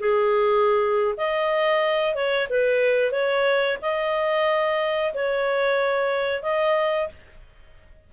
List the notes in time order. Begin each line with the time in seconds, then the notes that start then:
0.00 G#4
1.17 D#5
2.15 C#5
2.50 B4
3.12 C#5
3.82 D#5
5.14 C#5
6.43 D#5